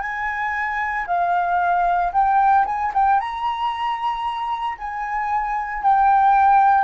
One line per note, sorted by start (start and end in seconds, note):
0.00 1.05 G#5
1.07 2.12 F5
2.12 2.65 G5
2.65 2.91 G#5
2.94 3.20 G5
3.20 4.78 A#5
4.78 5.82 G#5
5.82 6.84 G5